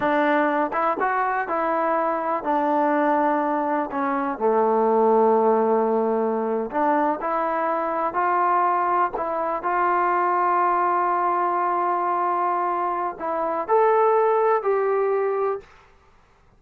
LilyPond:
\new Staff \with { instrumentName = "trombone" } { \time 4/4 \tempo 4 = 123 d'4. e'8 fis'4 e'4~ | e'4 d'2. | cis'4 a2.~ | a4.~ a16 d'4 e'4~ e'16~ |
e'8. f'2 e'4 f'16~ | f'1~ | f'2. e'4 | a'2 g'2 | }